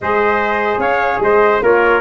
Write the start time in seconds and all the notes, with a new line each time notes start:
0.00 G#3 G#4 C5 D#5
0.77 C#4 C#5 F5
1.20 G#3 C5 D#5
1.60 A#3 F4 A#4 C#5